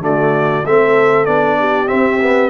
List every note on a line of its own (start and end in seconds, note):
0.00 0.62 D3
0.00 0.63 A3
0.00 0.65 F#4
0.00 0.65 D5
0.65 1.27 A3
0.65 1.26 C4
0.65 1.59 A4
0.65 1.25 E5
1.25 1.89 B3
1.25 1.87 D4
1.25 1.88 D5
1.59 2.50 G4
1.87 2.18 C4
1.87 2.50 C4
1.87 2.50 E5
2.22 2.50 B3